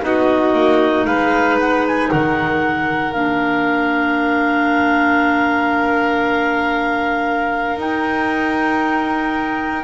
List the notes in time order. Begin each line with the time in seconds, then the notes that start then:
0.00 B3 D#4 D#5
0.06 F#4
0.54 A#3
1.06 G#3 B4 F5
1.60 F#5
1.87 G#5
2.11 D#3 A#4 F#5
3.13 A#3 D4 F5
7.77 D#4 G5